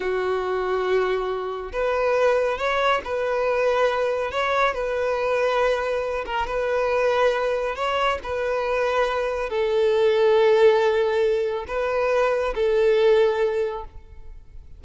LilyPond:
\new Staff \with { instrumentName = "violin" } { \time 4/4 \tempo 4 = 139 fis'1 | b'2 cis''4 b'4~ | b'2 cis''4 b'4~ | b'2~ b'8 ais'8 b'4~ |
b'2 cis''4 b'4~ | b'2 a'2~ | a'2. b'4~ | b'4 a'2. | }